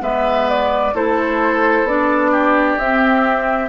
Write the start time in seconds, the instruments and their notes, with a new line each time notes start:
0.00 bassoon G#3, clarinet B3, oboe B4, flute E5
0.49 flute D5
0.94 bassoon A3, clarinet E4, oboe A4, flute C5
1.83 bassoon B3, clarinet D4, flute D5
2.31 oboe G4
2.78 bassoon C4, clarinet C4, flute E5